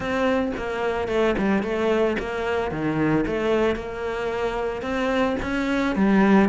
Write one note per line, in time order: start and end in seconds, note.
0.00 0.51 C4
0.57 1.08 A#3
1.08 1.35 A3
1.38 1.62 G3
1.62 2.16 A3
2.19 2.71 A#3
2.71 3.25 D#3
3.26 3.75 A3
3.75 4.82 A#3
4.82 5.36 C4
5.42 5.95 C#4
5.95 6.49 G3